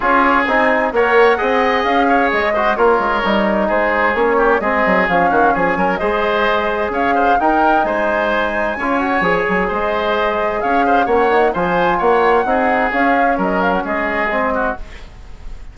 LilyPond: <<
  \new Staff \with { instrumentName = "flute" } { \time 4/4 \tempo 4 = 130 cis''4 gis''4 fis''2 | f''4 dis''4 cis''2 | c''4 cis''4 dis''4 f''4 | gis''4 dis''2 f''4 |
g''4 gis''2.~ | gis''4 dis''2 f''4 | fis''4 gis''4 fis''2 | f''4 dis''8 f''16 fis''16 dis''2 | }
  \new Staff \with { instrumentName = "oboe" } { \time 4/4 gis'2 cis''4 dis''4~ | dis''8 cis''4 c''8 ais'2 | gis'4. g'8 gis'4. fis'8 | gis'8 ais'8 c''2 cis''8 c''8 |
ais'4 c''2 cis''4~ | cis''4 c''2 cis''8 c''8 | cis''4 c''4 cis''4 gis'4~ | gis'4 ais'4 gis'4. fis'8 | }
  \new Staff \with { instrumentName = "trombone" } { \time 4/4 f'4 dis'4 ais'4 gis'4~ | gis'4. fis'8 f'4 dis'4~ | dis'4 cis'4 c'4 cis'4~ | cis'4 gis'2. |
dis'2. f'8 fis'8 | gis'1 | cis'8 dis'8 f'2 dis'4 | cis'2. c'4 | }
  \new Staff \with { instrumentName = "bassoon" } { \time 4/4 cis'4 c'4 ais4 c'4 | cis'4 gis4 ais8 gis8 g4 | gis4 ais4 gis8 fis8 f8 dis8 | f8 fis8 gis2 cis'4 |
dis'4 gis2 cis'4 | f8 fis8 gis2 cis'4 | ais4 f4 ais4 c'4 | cis'4 fis4 gis2 | }
>>